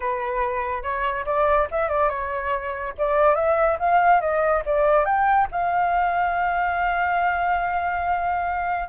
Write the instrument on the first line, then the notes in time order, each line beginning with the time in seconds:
flute
0.00 B4
0.82 C#5
1.25 D5
1.71 E5
1.88 D5
2.09 C#5
2.98 D5
3.35 E5
3.79 F5
4.20 D#5
4.65 D5
5.05 G5
5.51 F5